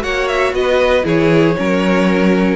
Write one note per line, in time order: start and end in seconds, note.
0.00 0.53 A#3
0.00 1.03 F#4
0.00 0.54 C#5
0.00 0.28 F#5
0.28 0.53 E5
0.53 1.04 B3
0.53 1.06 D#5
0.60 1.05 B4
1.03 1.56 E3
1.03 1.54 E4
1.03 1.56 G#4
1.03 2.56 C#5
1.56 2.56 F#3
1.56 2.56 C#4
1.56 2.56 A#4